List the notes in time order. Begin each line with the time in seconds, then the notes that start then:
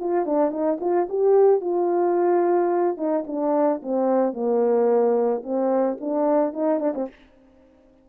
0.00 F4
0.26 D4
0.51 D#4
0.81 F4
1.10 G4
1.61 F4
2.98 D#4
3.27 D4
3.83 C4
4.34 A#3
5.44 C4
6.01 D4
6.54 D#4
6.80 D4
6.95 C4